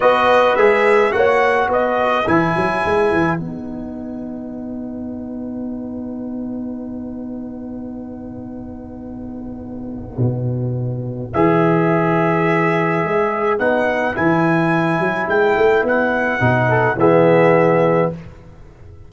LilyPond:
<<
  \new Staff \with { instrumentName = "trumpet" } { \time 4/4 \tempo 4 = 106 dis''4 e''4 fis''4 dis''4 | gis''2 fis''2~ | fis''1~ | fis''1~ |
fis''1 | e''1 | fis''4 gis''2 g''4 | fis''2 e''2 | }
  \new Staff \with { instrumentName = "horn" } { \time 4/4 b'2 cis''4 b'4~ | b'1~ | b'1~ | b'1~ |
b'1~ | b'1~ | b'1~ | b'4. a'8 gis'2 | }
  \new Staff \with { instrumentName = "trombone" } { \time 4/4 fis'4 gis'4 fis'2 | e'2 dis'2~ | dis'1~ | dis'1~ |
dis'1 | gis'1 | dis'4 e'2.~ | e'4 dis'4 b2 | }
  \new Staff \with { instrumentName = "tuba" } { \time 4/4 b4 gis4 ais4 b4 | e8 fis8 gis8 e8 b2~ | b1~ | b1~ |
b2 b,2 | e2. gis4 | b4 e4. fis8 gis8 a8 | b4 b,4 e2 | }
>>